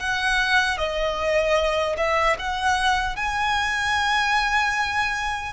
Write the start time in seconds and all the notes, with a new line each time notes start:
0.00 F#5
0.78 D#5
1.97 E5
2.39 F#5
3.17 G#5